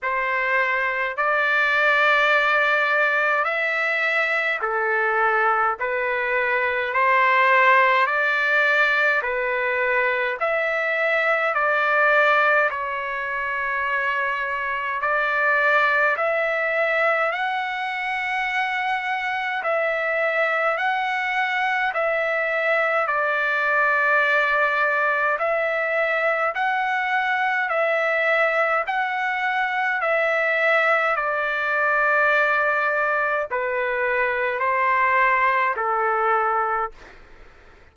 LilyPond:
\new Staff \with { instrumentName = "trumpet" } { \time 4/4 \tempo 4 = 52 c''4 d''2 e''4 | a'4 b'4 c''4 d''4 | b'4 e''4 d''4 cis''4~ | cis''4 d''4 e''4 fis''4~ |
fis''4 e''4 fis''4 e''4 | d''2 e''4 fis''4 | e''4 fis''4 e''4 d''4~ | d''4 b'4 c''4 a'4 | }